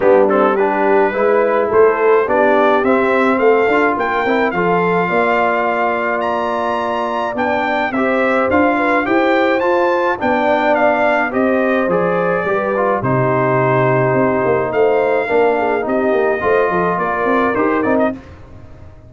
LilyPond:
<<
  \new Staff \with { instrumentName = "trumpet" } { \time 4/4 \tempo 4 = 106 g'8 a'8 b'2 c''4 | d''4 e''4 f''4 g''4 | f''2. ais''4~ | ais''4 g''4 e''4 f''4 |
g''4 a''4 g''4 f''4 | dis''4 d''2 c''4~ | c''2 f''2 | dis''2 d''4 c''8 d''16 dis''16 | }
  \new Staff \with { instrumentName = "horn" } { \time 4/4 d'4 g'4 b'4 a'4 | g'2 a'4 ais'4 | a'4 d''2.~ | d''2 c''4. b'8 |
c''2 d''2 | c''2 b'4 g'4~ | g'2 c''4 ais'8 gis'8 | g'4 c''8 a'8 ais'2 | }
  \new Staff \with { instrumentName = "trombone" } { \time 4/4 b8 c'8 d'4 e'2 | d'4 c'4. f'4 e'8 | f'1~ | f'4 d'4 g'4 f'4 |
g'4 f'4 d'2 | g'4 gis'4 g'8 f'8 dis'4~ | dis'2. d'4 | dis'4 f'2 g'8 dis'8 | }
  \new Staff \with { instrumentName = "tuba" } { \time 4/4 g2 gis4 a4 | b4 c'4 a8 d'8 ais8 c'8 | f4 ais2.~ | ais4 b4 c'4 d'4 |
e'4 f'4 b2 | c'4 f4 g4 c4~ | c4 c'8 ais8 a4 ais4 | c'8 ais8 a8 f8 ais8 c'8 dis'8 c'8 | }
>>